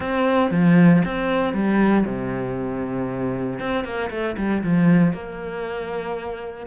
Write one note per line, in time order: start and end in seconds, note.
0.00 0.51 C4
0.51 1.02 F3
1.04 1.53 C4
1.53 2.04 G3
2.05 3.59 C3
3.59 3.84 C4
3.84 4.10 A#3
4.10 4.36 A3
4.37 4.62 G3
4.63 5.13 F3
5.13 6.66 A#3